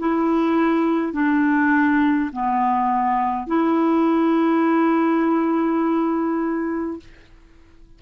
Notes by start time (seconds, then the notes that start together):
0.00 E4
1.13 D4
2.33 B3
3.47 E4